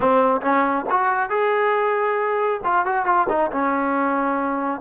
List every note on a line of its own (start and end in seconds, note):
0.00 0.41 C4
0.41 0.85 C#4
0.89 1.29 F#4
1.29 2.61 G#4
2.64 2.85 F4
2.85 3.05 F#4
3.05 3.27 F4
3.28 3.50 D#4
3.51 4.80 C#4